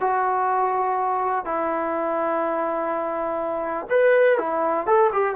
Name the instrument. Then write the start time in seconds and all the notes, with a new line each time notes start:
trombone
0.00 F#4
1.45 E4
3.90 B4
4.38 E4
4.87 A4
5.12 G4